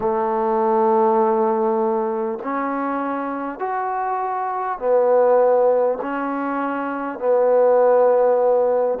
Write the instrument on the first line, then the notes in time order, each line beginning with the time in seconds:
trombone
0.00 A3
2.43 C#4
3.59 F#4
4.78 B3
6.01 C#4
7.18 B3